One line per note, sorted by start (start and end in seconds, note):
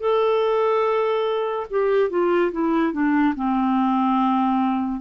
0.00 1.67 A4
1.70 2.10 G4
2.10 2.52 F4
2.52 2.93 E4
2.93 3.34 D4
3.36 5.01 C4